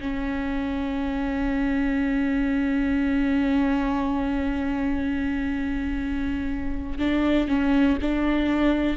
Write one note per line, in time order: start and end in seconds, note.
0.00 6.99 C#4
6.99 7.48 D4
7.48 7.98 C#4
8.01 8.97 D4